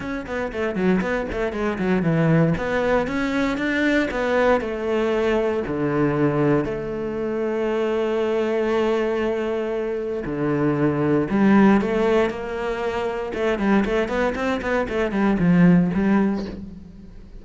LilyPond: \new Staff \with { instrumentName = "cello" } { \time 4/4 \tempo 4 = 117 cis'8 b8 a8 fis8 b8 a8 gis8 fis8 | e4 b4 cis'4 d'4 | b4 a2 d4~ | d4 a2.~ |
a1 | d2 g4 a4 | ais2 a8 g8 a8 b8 | c'8 b8 a8 g8 f4 g4 | }